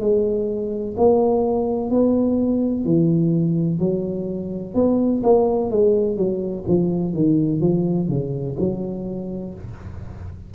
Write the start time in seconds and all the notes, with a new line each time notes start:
0.00 G#3
0.97 A#3
1.91 B3
2.85 E3
3.80 F#3
4.74 B3
5.23 A#3
5.71 G#3
6.17 F#3
6.68 F3
7.14 D#3
7.61 F3
8.09 C#3
8.60 F#3